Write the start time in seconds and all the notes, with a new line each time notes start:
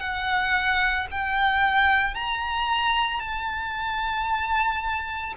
0.00 F#5
1.11 G5
2.15 A#5
3.19 A5